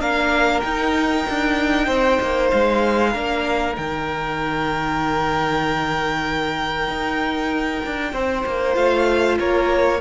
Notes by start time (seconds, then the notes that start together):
0.00 A#3 D4 A#4 F5
0.60 D#4 G5
1.29 D4
1.86 C4 C5
2.21 A#3
2.51 G#3 F5
3.11 A#3 D4 A#4
3.76 D#3 D#4 G5
6.88 D#4
7.86 D4
8.13 C4 C5
8.46 A#3
8.74 A3 F4 F5
9.39 A#3 A#4 C#5